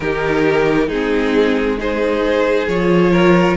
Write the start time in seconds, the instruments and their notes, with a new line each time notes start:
0.00 cello D#3, viola D#4, violin G4 A#4
0.87 cello G#3, viola C4, violin D#4 G#4
1.77 viola D#4, violin G#4 C5
2.67 cello F3, viola F4, violin C#5
3.11 violin A#4